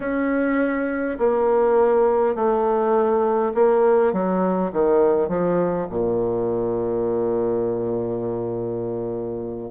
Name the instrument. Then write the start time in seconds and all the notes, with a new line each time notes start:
bassoon
0.00 C#4
1.18 A#3
2.35 A3
3.54 A#3
4.12 F#3
4.72 D#3
5.28 F3
5.90 A#2